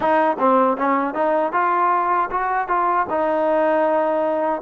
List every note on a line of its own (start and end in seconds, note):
0.00 0.36 D#4
0.39 0.77 C4
0.77 1.14 C#4
1.14 1.52 D#4
1.52 2.29 F4
2.30 2.67 F#4
2.67 3.06 F4
3.09 4.62 D#4